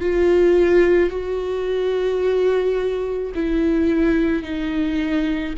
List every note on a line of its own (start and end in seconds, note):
0.00 1.10 F4
1.10 3.32 F#4
3.34 4.42 E4
4.42 5.54 D#4